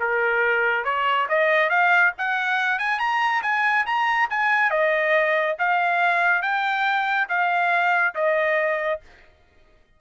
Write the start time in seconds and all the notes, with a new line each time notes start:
0.00 A#4
0.84 C#5
1.28 D#5
1.69 F5
2.18 F#5
2.79 G#5
2.99 A#5
3.42 G#5
3.86 A#5
4.30 G#5
4.70 D#5
5.59 F5
6.42 G5
7.28 F5
8.14 D#5